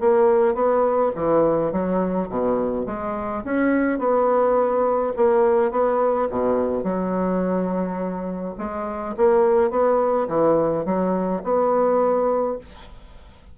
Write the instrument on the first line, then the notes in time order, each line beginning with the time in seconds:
bassoon
0.00 A#3
0.55 B3
1.16 E3
1.72 F#3
2.30 B2
2.86 G#3
3.45 C#4
3.99 B3
5.17 A#3
5.71 B3
6.30 B2
6.84 F#3
8.58 G#3
9.17 A#3
9.70 B3
10.28 E3
10.85 F#3
11.44 B3